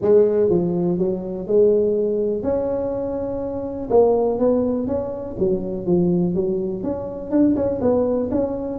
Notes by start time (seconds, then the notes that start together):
0.01 G#3
0.49 F3
0.98 F#3
1.47 G#3
2.42 C#4
3.89 A#3
4.38 B3
4.87 C#4
5.38 F#3
5.86 F3
6.34 F#3
6.83 C#4
7.31 D4
7.56 C#4
7.81 B3
8.31 C#4